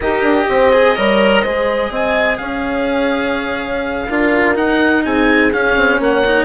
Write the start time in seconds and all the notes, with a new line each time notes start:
0.00 D#4 G4 A#4 D#5
0.22 D4
0.48 C4 C5
0.72 G#4
0.95 G3 A#4 C#5
1.41 G#3 G#4 C5
1.90 C4 D#5 G#5
2.37 C#4 C#5 F5
4.08 D4 F4 A#4
4.54 D#4 F#5
5.04 C4 G#4 G#5
5.52 C#4 F5
5.75 C4
5.99 A#3 C#5 F#5
6.26 D#4